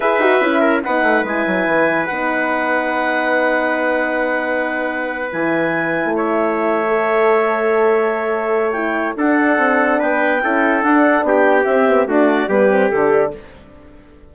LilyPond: <<
  \new Staff \with { instrumentName = "clarinet" } { \time 4/4 \tempo 4 = 144 e''2 fis''4 gis''4~ | gis''4 fis''2.~ | fis''1~ | fis''8. gis''2 e''4~ e''16~ |
e''1~ | e''4 g''4 fis''2 | g''2 fis''4 g''4 | e''4 d''4 b'4 a'4 | }
  \new Staff \with { instrumentName = "trumpet" } { \time 4/4 b'4. ais'8 b'2~ | b'1~ | b'1~ | b'2~ b'8. cis''4~ cis''16~ |
cis''1~ | cis''2 a'2 | b'4 a'2 g'4~ | g'4 fis'4 g'2 | }
  \new Staff \with { instrumentName = "horn" } { \time 4/4 gis'8 fis'8 e'4 dis'4 e'4~ | e'4 dis'2.~ | dis'1~ | dis'8. e'2.~ e'16~ |
e'8 a'2.~ a'8~ | a'4 e'4 d'2~ | d'4 e'4 d'2 | c'8 b8 a4 b8 c'8 d'4 | }
  \new Staff \with { instrumentName = "bassoon" } { \time 4/4 e'8 dis'8 cis'4 b8 a8 gis8 fis8 | e4 b2.~ | b1~ | b8. e4.~ e16 a4.~ |
a1~ | a2 d'4 c'4 | b4 cis'4 d'4 b4 | c'4 d'4 g4 d4 | }
>>